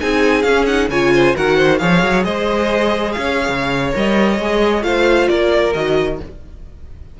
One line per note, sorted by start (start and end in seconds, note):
0.00 0.44 C4
0.00 0.45 D#4
0.00 0.90 G#4
0.00 0.42 G#5
0.42 0.89 C#4
0.42 0.65 F5
0.49 0.67 C#4
0.66 0.90 D#4
0.66 0.88 F#5
0.89 1.34 C#3
0.89 1.35 F4
0.89 1.13 C#5
0.89 1.35 G#5
1.13 1.36 C5
1.35 1.81 D#3
1.35 1.80 F#4
1.35 1.57 A#4
1.35 1.78 F#5
1.57 1.79 C5
1.78 2.03 F3
1.78 3.92 G#4
1.78 2.25 C#5
1.78 2.23 F5
2.03 2.25 F#3
2.24 3.15 G#3
2.24 3.15 C5
2.24 3.12 D#5
3.12 3.48 C#4
3.12 3.91 F5
3.19 4.86 C#5
3.48 3.94 C#3
3.92 4.39 G3
3.92 4.37 A#4
3.92 4.83 D#5
4.39 4.83 G#3
4.39 4.82 G#4
4.82 5.28 A3
4.82 5.72 F4
4.82 5.30 C5
4.82 5.28 F5
5.28 5.74 A#3
5.28 6.20 A#4
5.28 5.73 D5
5.73 6.19 D#3
5.73 6.19 F#4
5.73 6.18 D#5